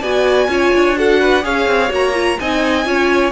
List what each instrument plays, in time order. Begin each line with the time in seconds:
0.00 cello B3, viola F#4, violin D5 G#5
0.48 cello C#4, viola F4, violin C#5
0.75 cello D4
0.96 viola F#4, violin A4 F#5
1.20 violin B4
1.42 cello C#4, viola G#4, violin C#5 F5
1.66 cello C4
1.89 cello A#3, viola F#4, violin A#5
2.13 viola F4
2.39 cello C4, viola D#4, violin D#5 G#5
2.85 cello C#4, viola F4, violin C#5